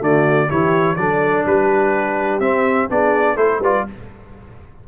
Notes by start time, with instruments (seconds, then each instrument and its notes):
0.00 tuba D3, trombone A3, horn F#4, trumpet D5
0.48 tuba E3, trombone E4, horn G4, trumpet C#5
0.96 tuba F#3, trombone D4, horn A4, trumpet D5
1.45 tuba G3, horn G4, trumpet B4
2.40 tuba C4, trombone C4, trumpet E5
2.89 tuba B3, trombone D4, horn G#4, trumpet D5
3.36 tuba A3, trombone E4, horn A4, trumpet C5
3.59 tuba G3, trombone F4, horn B4, trumpet D5